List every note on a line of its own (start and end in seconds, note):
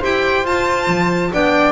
0.00 0.44 E4
0.00 0.45 G4
0.00 1.30 C5
0.00 0.46 G5
0.44 0.87 F4
0.44 1.32 F4
0.44 1.33 A5
0.87 1.31 F3
1.32 1.72 B3
1.32 1.72 D4
1.32 1.72 D5
1.32 1.72 G5